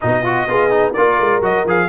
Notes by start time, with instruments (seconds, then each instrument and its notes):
0.00 tuba B2, trombone D#4, horn F#4, trumpet D#5
0.22 horn F4, trombone F#4
0.47 tuba B3, trombone F4, horn G#4
0.70 trombone D#4
0.91 tuba A#3, trombone F4, horn A#4, trumpet D5
1.20 tuba G#3
1.40 tuba F#3, trombone F#4, trumpet D#5
1.64 tuba F3, trombone G#4, trumpet F5